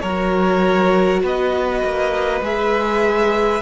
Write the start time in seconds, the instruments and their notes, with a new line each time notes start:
0.00 cello F#3, viola F#4, violin A#4 C#5
1.23 cello B3, violin B4 D#5
1.84 cello A#3
2.41 cello G#3, viola G#4, violin E5